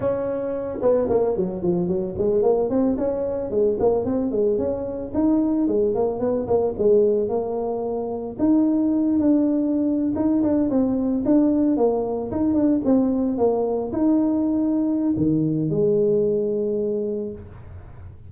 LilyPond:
\new Staff \with { instrumentName = "tuba" } { \time 4/4 \tempo 4 = 111 cis'4. b8 ais8 fis8 f8 fis8 | gis8 ais8 c'8 cis'4 gis8 ais8 c'8 | gis8 cis'4 dis'4 gis8 ais8 b8 | ais8 gis4 ais2 dis'8~ |
dis'4 d'4.~ d'16 dis'8 d'8 c'16~ | c'8. d'4 ais4 dis'8 d'8 c'16~ | c'8. ais4 dis'2~ dis'16 | dis4 gis2. | }